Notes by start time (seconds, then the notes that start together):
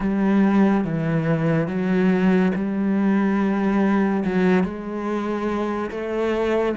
0.00 G3
0.84 E3
1.67 F#3
2.55 G3
4.24 F#3
4.63 G#3
5.90 A3